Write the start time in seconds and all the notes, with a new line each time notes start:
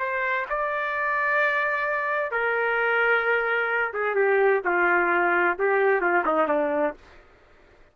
0.00 C5
0.50 D5
2.32 A#4
3.94 G#4
4.15 G4
4.65 F4
5.59 G4
6.01 F4
6.26 D#4
6.48 D4